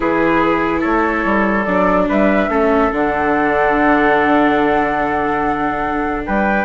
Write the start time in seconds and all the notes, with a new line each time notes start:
0.00 E3 E4 G#4 B4
0.80 A3 A4 C#5
1.25 G3
1.65 F#3 D4 D5
2.08 G3 B4 E5
2.49 A3 C#4 A4
2.91 D3 D4 F#5
6.25 G3 B4 G5